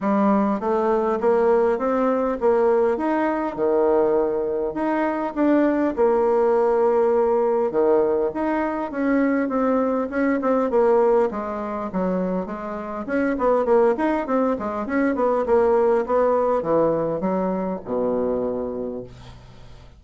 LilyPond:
\new Staff \with { instrumentName = "bassoon" } { \time 4/4 \tempo 4 = 101 g4 a4 ais4 c'4 | ais4 dis'4 dis2 | dis'4 d'4 ais2~ | ais4 dis4 dis'4 cis'4 |
c'4 cis'8 c'8 ais4 gis4 | fis4 gis4 cis'8 b8 ais8 dis'8 | c'8 gis8 cis'8 b8 ais4 b4 | e4 fis4 b,2 | }